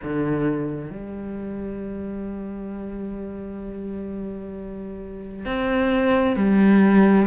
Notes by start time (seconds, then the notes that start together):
0.02 D3
0.90 G3
5.45 C4
6.36 G3